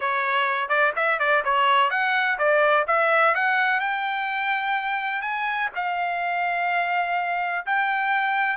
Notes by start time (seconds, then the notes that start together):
0.00 C#5
0.68 D5
0.95 E5
1.19 D5
1.44 C#5
1.90 F#5
2.38 D5
2.87 E5
3.34 F#5
3.80 G5
5.21 G#5
5.75 F5
7.65 G5